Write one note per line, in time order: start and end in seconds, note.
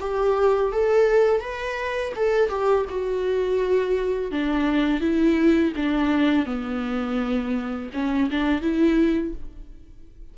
0.00 0.72 G4
0.72 1.40 A4
1.40 2.13 B4
2.16 2.49 A4
2.49 2.86 G4
2.89 4.31 F#4
4.31 5.00 D4
5.00 5.73 E4
5.76 6.45 D4
6.45 7.90 B3
7.93 8.29 C#4
8.31 8.61 D4
8.61 9.34 E4